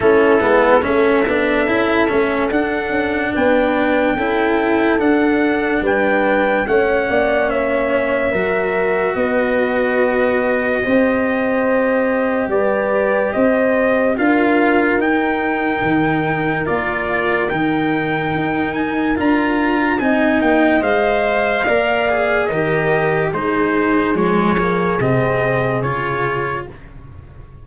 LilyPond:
<<
  \new Staff \with { instrumentName = "trumpet" } { \time 4/4 \tempo 4 = 72 a'4 e''2 fis''4 | g''2 fis''4 g''4 | fis''4 e''2 dis''4~ | dis''2. d''4 |
dis''4 f''4 g''2 | d''4 g''4. gis''8 ais''4 | gis''8 g''8 f''2 dis''4 | c''4 cis''4 dis''4 cis''4 | }
  \new Staff \with { instrumentName = "horn" } { \time 4/4 e'4 a'2. | b'4 a'2 b'4 | cis''8 d''8 cis''4 ais'4 b'4~ | b'4 c''2 b'4 |
c''4 ais'2.~ | ais'1 | dis''2 d''4 ais'4 | gis'1 | }
  \new Staff \with { instrumentName = "cello" } { \time 4/4 cis'8 b8 cis'8 d'8 e'8 cis'8 d'4~ | d'4 e'4 d'2 | cis'2 fis'2~ | fis'4 g'2.~ |
g'4 f'4 dis'2 | f'4 dis'2 f'4 | dis'4 c''4 ais'8 gis'8 g'4 | dis'4 gis8 ais8 c'4 f'4 | }
  \new Staff \with { instrumentName = "tuba" } { \time 4/4 a8 gis8 a8 b8 cis'8 a8 d'8 cis'8 | b4 cis'4 d'4 g4 | a8 ais4. fis4 b4~ | b4 c'2 g4 |
c'4 d'4 dis'4 dis4 | ais4 dis4 dis'4 d'4 | c'8 ais8 gis4 ais4 dis4 | gis4 f4 c4 cis4 | }
>>